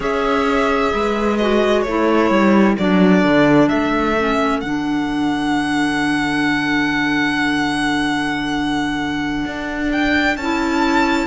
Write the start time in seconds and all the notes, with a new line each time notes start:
0.00 C#4 G#4 C#5 E5
0.93 G#3 B4
1.37 F#4 D#5
1.82 A3 E4 A4 C#5
2.30 G3
2.78 F#3 D4 D5
3.23 D3
3.68 A3 E5
4.17 C#4
4.60 D3 D4 F#5
9.45 D4
9.92 G5
10.36 C#4 E4 A5